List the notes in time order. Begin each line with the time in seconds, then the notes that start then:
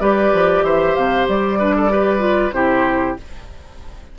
0.00 G3 G4 B4 D5
0.33 F3
0.62 E3 C5 E5
0.95 C3 F5
1.28 G3 D5
1.59 D4 B4
1.76 A4
1.89 G4 B4
2.19 F4
2.52 C3 E4 G4 C5